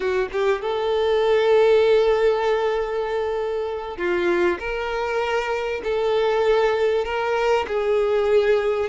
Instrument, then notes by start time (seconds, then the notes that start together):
violin
0.00 F#4
0.32 G4
0.61 A4
3.97 F4
4.59 A#4
5.83 A4
7.04 A#4
7.67 G#4